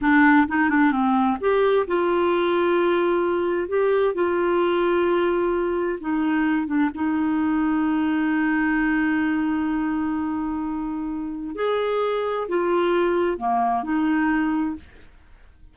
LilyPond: \new Staff \with { instrumentName = "clarinet" } { \time 4/4 \tempo 4 = 130 d'4 dis'8 d'8 c'4 g'4 | f'1 | g'4 f'2.~ | f'4 dis'4. d'8 dis'4~ |
dis'1~ | dis'1~ | dis'4 gis'2 f'4~ | f'4 ais4 dis'2 | }